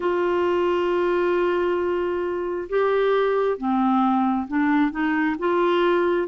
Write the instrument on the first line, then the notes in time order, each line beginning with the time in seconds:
clarinet
0.00 F4
2.69 G4
3.57 C4
4.47 D4
4.91 D#4
5.39 F4